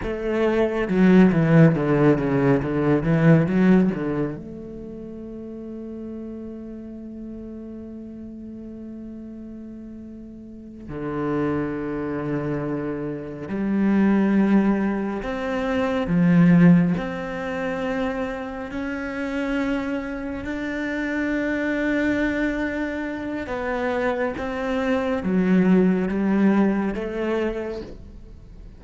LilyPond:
\new Staff \with { instrumentName = "cello" } { \time 4/4 \tempo 4 = 69 a4 fis8 e8 d8 cis8 d8 e8 | fis8 d8 a2.~ | a1~ | a8 d2. g8~ |
g4. c'4 f4 c'8~ | c'4. cis'2 d'8~ | d'2. b4 | c'4 fis4 g4 a4 | }